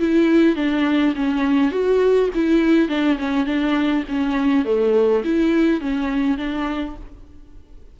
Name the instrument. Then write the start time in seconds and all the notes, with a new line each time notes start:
viola
0.00 E4
0.56 D4
1.16 C#4
1.72 F#4
2.35 E4
2.89 D4
3.19 C#4
3.46 D4
4.09 C#4
4.65 A3
5.25 E4
5.81 C#4
6.38 D4